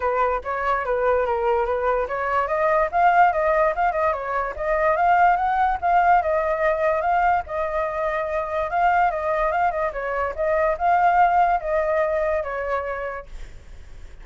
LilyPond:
\new Staff \with { instrumentName = "flute" } { \time 4/4 \tempo 4 = 145 b'4 cis''4 b'4 ais'4 | b'4 cis''4 dis''4 f''4 | dis''4 f''8 dis''8 cis''4 dis''4 | f''4 fis''4 f''4 dis''4~ |
dis''4 f''4 dis''2~ | dis''4 f''4 dis''4 f''8 dis''8 | cis''4 dis''4 f''2 | dis''2 cis''2 | }